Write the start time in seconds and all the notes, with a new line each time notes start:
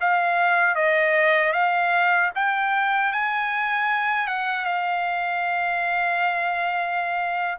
0.00 F5
0.75 D#5
1.53 F5
2.35 G5
3.12 G#5
4.27 F#5
4.65 F5